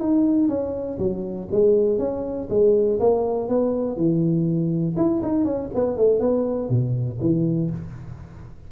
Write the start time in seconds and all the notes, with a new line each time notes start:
0.00 D#4
0.49 C#4
0.99 F#3
1.52 G#3
1.99 C#4
2.50 G#3
3.00 A#3
3.49 B3
3.97 E3
4.97 E4
5.23 D#4
5.45 C#4
5.75 B3
5.97 A3
6.21 B3
6.70 B2
7.21 E3